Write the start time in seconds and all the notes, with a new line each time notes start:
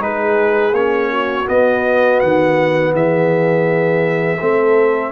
0.00 G#3 D#4 G#4 B4
0.72 A#3 C#4 C#5
1.11 F#4
1.46 B3 D#5
2.20 D#3 F#5
2.93 E3 G#4 E5
4.41 A3 C4 A4